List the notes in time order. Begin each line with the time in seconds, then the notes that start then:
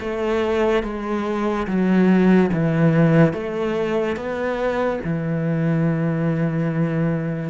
0.00 A3
0.83 G#3
1.67 F#3
2.53 E3
3.33 A3
4.16 B3
5.04 E3